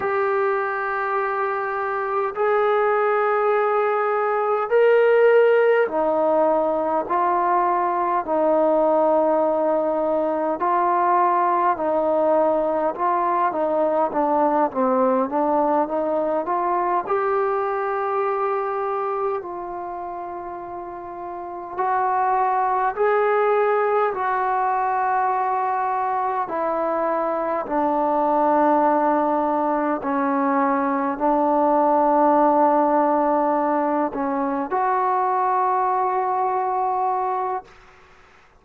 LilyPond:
\new Staff \with { instrumentName = "trombone" } { \time 4/4 \tempo 4 = 51 g'2 gis'2 | ais'4 dis'4 f'4 dis'4~ | dis'4 f'4 dis'4 f'8 dis'8 | d'8 c'8 d'8 dis'8 f'8 g'4.~ |
g'8 f'2 fis'4 gis'8~ | gis'8 fis'2 e'4 d'8~ | d'4. cis'4 d'4.~ | d'4 cis'8 fis'2~ fis'8 | }